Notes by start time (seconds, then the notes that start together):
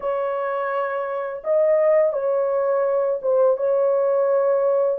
0.00 C#5
1.44 D#5
2.12 C#5
3.21 C5
3.57 C#5